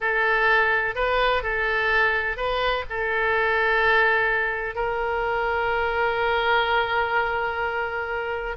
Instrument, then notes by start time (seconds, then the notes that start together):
oboe
0.00 A4
0.95 B4
1.42 A4
2.37 B4
2.89 A4
4.75 A#4